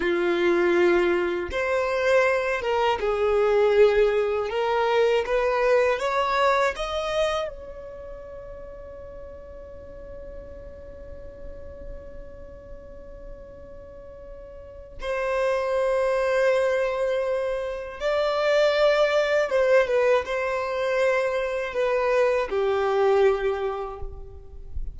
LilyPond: \new Staff \with { instrumentName = "violin" } { \time 4/4 \tempo 4 = 80 f'2 c''4. ais'8 | gis'2 ais'4 b'4 | cis''4 dis''4 cis''2~ | cis''1~ |
cis''1 | c''1 | d''2 c''8 b'8 c''4~ | c''4 b'4 g'2 | }